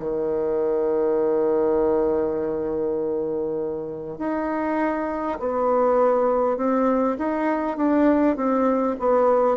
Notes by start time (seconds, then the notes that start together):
0.00 D#3
4.19 D#4
5.40 B3
6.57 C4
7.18 D#4
7.77 D4
8.37 C4
9.00 B3